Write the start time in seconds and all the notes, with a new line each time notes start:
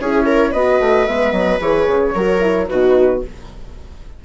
0.00 C#4 E4 G#4 C#5
0.26 A#4
0.51 B3 F#4 B4 D#5
0.80 A3
1.06 G#3 B3 E5
1.32 F#3 D#5
1.59 E3 G#4 C#5
1.87 C#3
2.15 F#3 F#4 A#4
2.40 E4
2.68 B2 D#4 F#4 B4